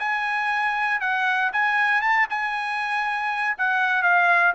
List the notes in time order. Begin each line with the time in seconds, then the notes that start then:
0.00 G#5
1.01 F#5
1.53 G#5
2.02 A5
2.30 G#5
3.58 F#5
4.03 F5